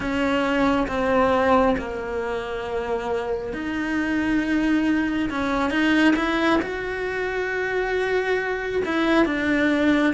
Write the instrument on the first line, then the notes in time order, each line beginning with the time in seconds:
cello
0.00 C#4
0.87 C4
1.78 A#3
3.53 D#4
5.30 C#4
5.70 D#4
6.16 E4
6.62 F#4
8.85 E4
9.25 D4